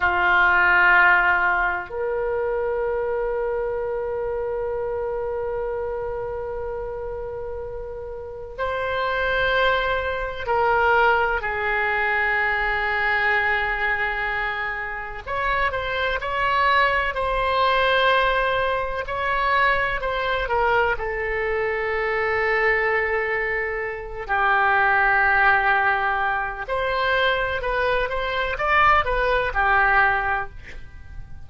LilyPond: \new Staff \with { instrumentName = "oboe" } { \time 4/4 \tempo 4 = 63 f'2 ais'2~ | ais'1~ | ais'4 c''2 ais'4 | gis'1 |
cis''8 c''8 cis''4 c''2 | cis''4 c''8 ais'8 a'2~ | a'4. g'2~ g'8 | c''4 b'8 c''8 d''8 b'8 g'4 | }